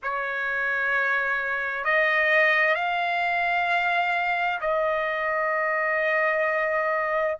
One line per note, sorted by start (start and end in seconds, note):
0.03 1.84 C#5
1.84 2.74 D#5
2.74 4.59 F5
4.60 7.37 D#5